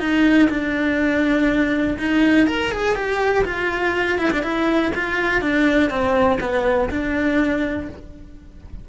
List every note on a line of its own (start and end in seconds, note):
0.00 0.49 D#4
0.50 1.98 D4
1.99 2.47 D#4
2.47 2.72 A#4
2.72 2.95 G#4
2.95 3.44 G4
3.45 4.19 F4
4.19 4.31 E4
4.32 4.43 D4
4.43 4.92 E4
4.95 5.42 F4
5.42 5.90 D4
5.90 6.39 C4
6.41 6.90 B3
6.90 7.89 D4